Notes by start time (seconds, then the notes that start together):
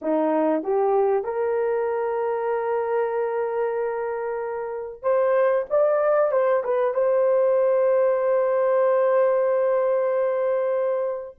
0.01 D#4
0.63 G4
1.23 A#4
5.02 C5
5.70 D5
6.31 C5
6.63 B4
6.94 C5